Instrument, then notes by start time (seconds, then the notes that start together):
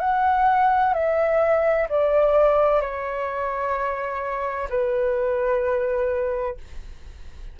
flute
0.00 F#5
0.94 E5
1.90 D5
2.82 C#5
4.70 B4